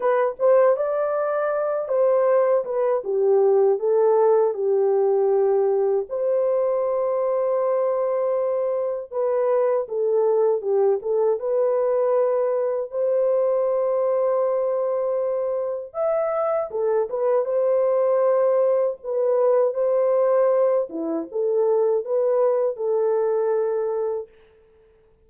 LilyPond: \new Staff \with { instrumentName = "horn" } { \time 4/4 \tempo 4 = 79 b'8 c''8 d''4. c''4 b'8 | g'4 a'4 g'2 | c''1 | b'4 a'4 g'8 a'8 b'4~ |
b'4 c''2.~ | c''4 e''4 a'8 b'8 c''4~ | c''4 b'4 c''4. e'8 | a'4 b'4 a'2 | }